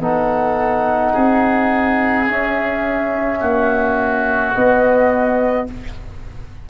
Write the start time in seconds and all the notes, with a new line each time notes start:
0.00 B3 D#4 A4 F#5
1.13 C4 G#4
2.27 C#4 E5
3.41 A#3 F#4
4.54 B3 D#5